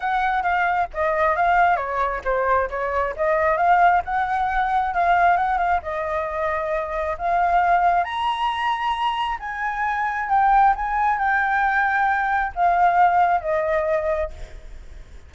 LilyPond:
\new Staff \with { instrumentName = "flute" } { \time 4/4 \tempo 4 = 134 fis''4 f''4 dis''4 f''4 | cis''4 c''4 cis''4 dis''4 | f''4 fis''2 f''4 | fis''8 f''8 dis''2. |
f''2 ais''2~ | ais''4 gis''2 g''4 | gis''4 g''2. | f''2 dis''2 | }